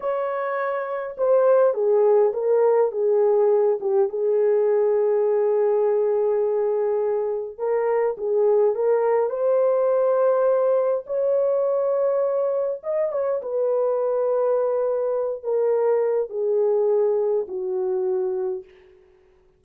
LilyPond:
\new Staff \with { instrumentName = "horn" } { \time 4/4 \tempo 4 = 103 cis''2 c''4 gis'4 | ais'4 gis'4. g'8 gis'4~ | gis'1~ | gis'4 ais'4 gis'4 ais'4 |
c''2. cis''4~ | cis''2 dis''8 cis''8 b'4~ | b'2~ b'8 ais'4. | gis'2 fis'2 | }